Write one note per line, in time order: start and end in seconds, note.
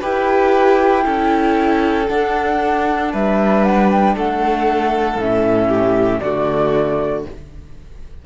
0.00 1.05 E4
0.00 1.02 G4
0.00 1.03 B4
0.00 2.07 G5
1.02 2.09 C#4
1.02 2.05 E4
1.02 3.12 A4
2.07 5.19 D4
2.07 3.13 D4
2.07 3.11 F#5
3.12 4.15 G3
3.12 4.16 B4
3.12 3.64 E5
3.64 3.89 F#5
3.91 4.16 G5
4.15 5.15 A3
4.15 5.68 A4
4.15 5.19 F#5
5.15 6.19 A2
5.15 6.22 C#4
5.15 6.19 E5
5.68 6.19 G4
6.19 7.25 D3
6.19 7.26 A3
6.19 7.25 F#4
6.19 7.23 D5